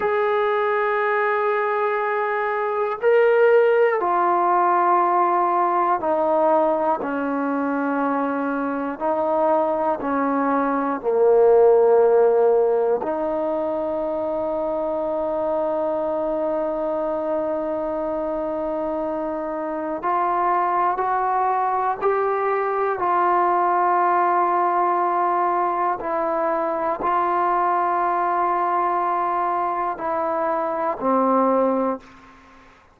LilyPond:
\new Staff \with { instrumentName = "trombone" } { \time 4/4 \tempo 4 = 60 gis'2. ais'4 | f'2 dis'4 cis'4~ | cis'4 dis'4 cis'4 ais4~ | ais4 dis'2.~ |
dis'1 | f'4 fis'4 g'4 f'4~ | f'2 e'4 f'4~ | f'2 e'4 c'4 | }